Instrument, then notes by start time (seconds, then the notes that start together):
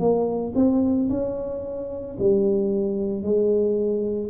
tuba
0.00 A#3
0.56 C4
1.10 C#4
2.20 G3
3.23 G#3